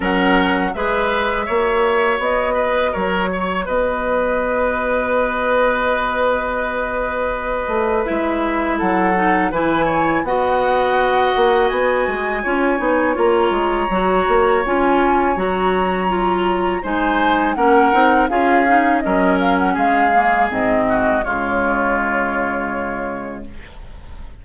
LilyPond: <<
  \new Staff \with { instrumentName = "flute" } { \time 4/4 \tempo 4 = 82 fis''4 e''2 dis''4 | cis''4 dis''2.~ | dis''2. e''4 | fis''4 gis''4 fis''2 |
gis''2 ais''2 | gis''4 ais''2 gis''4 | fis''4 f''4 dis''8 f''16 fis''16 f''4 | dis''4 cis''2. | }
  \new Staff \with { instrumentName = "oboe" } { \time 4/4 ais'4 b'4 cis''4. b'8 | ais'8 cis''8 b'2.~ | b'1 | a'4 b'8 cis''8 dis''2~ |
dis''4 cis''2.~ | cis''2. c''4 | ais'4 gis'4 ais'4 gis'4~ | gis'8 fis'8 f'2. | }
  \new Staff \with { instrumentName = "clarinet" } { \time 4/4 cis'4 gis'4 fis'2~ | fis'1~ | fis'2. e'4~ | e'8 dis'8 e'4 fis'2~ |
fis'4 f'8 dis'8 f'4 fis'4 | f'4 fis'4 f'4 dis'4 | cis'8 dis'8 f'8 dis'8 cis'4. ais8 | c'4 gis2. | }
  \new Staff \with { instrumentName = "bassoon" } { \time 4/4 fis4 gis4 ais4 b4 | fis4 b2.~ | b2~ b8 a8 gis4 | fis4 e4 b4. ais8 |
b8 gis8 cis'8 b8 ais8 gis8 fis8 ais8 | cis'4 fis2 gis4 | ais8 c'8 cis'4 fis4 gis4 | gis,4 cis2. | }
>>